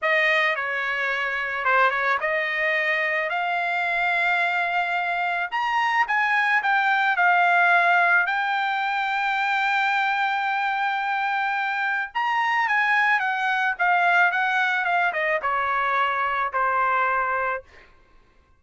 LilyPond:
\new Staff \with { instrumentName = "trumpet" } { \time 4/4 \tempo 4 = 109 dis''4 cis''2 c''8 cis''8 | dis''2 f''2~ | f''2 ais''4 gis''4 | g''4 f''2 g''4~ |
g''1~ | g''2 ais''4 gis''4 | fis''4 f''4 fis''4 f''8 dis''8 | cis''2 c''2 | }